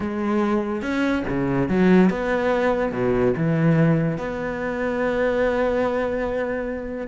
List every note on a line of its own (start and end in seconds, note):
0.00 0.81 G#3
0.81 1.23 C#4
1.28 1.69 C#3
1.69 2.09 F#3
2.09 2.92 B3
2.92 3.33 B2
3.36 4.17 E3
4.17 7.07 B3